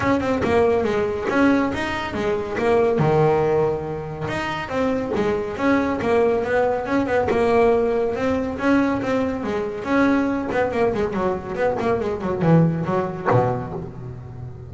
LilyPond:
\new Staff \with { instrumentName = "double bass" } { \time 4/4 \tempo 4 = 140 cis'8 c'8 ais4 gis4 cis'4 | dis'4 gis4 ais4 dis4~ | dis2 dis'4 c'4 | gis4 cis'4 ais4 b4 |
cis'8 b8 ais2 c'4 | cis'4 c'4 gis4 cis'4~ | cis'8 b8 ais8 gis8 fis4 b8 ais8 | gis8 fis8 e4 fis4 b,4 | }